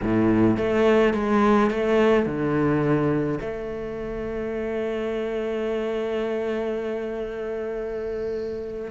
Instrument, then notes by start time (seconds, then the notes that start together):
cello
0.02 A2
0.57 A3
1.13 G#3
1.70 A3
2.26 D3
3.41 A3